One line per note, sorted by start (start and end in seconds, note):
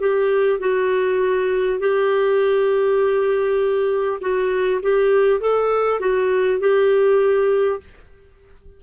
0.00 0.59 G4
0.59 1.79 F#4
1.80 4.20 G4
4.21 4.81 F#4
4.83 5.41 G4
5.41 6.00 A4
6.00 6.60 F#4
6.61 7.81 G4